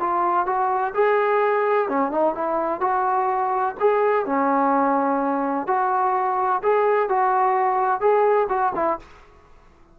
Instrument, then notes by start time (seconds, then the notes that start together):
trombone
0.00 F4
0.46 F#4
0.94 G#4
1.89 C#4
2.12 D#4
2.35 E4
2.81 F#4
3.80 G#4
4.26 C#4
5.67 F#4
6.63 G#4
7.09 F#4
8.01 G#4
8.49 F#4
8.76 E4